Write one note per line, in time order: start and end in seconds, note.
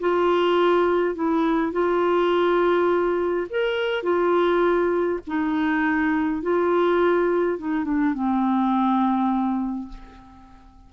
0.00 1.15 F4
1.15 1.72 E4
1.72 3.47 F4
3.50 4.03 A#4
4.03 5.20 F4
5.27 6.42 D#4
6.42 7.58 F4
7.58 7.85 D#4
7.85 8.14 D4
8.14 9.88 C4